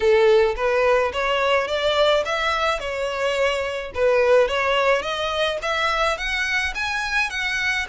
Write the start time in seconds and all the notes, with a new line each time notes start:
0.00 A4
0.56 B4
1.12 C#5
1.67 D5
2.25 E5
2.79 C#5
3.94 B4
4.48 C#5
5.02 D#5
5.62 E5
6.17 F#5
6.74 G#5
7.30 F#5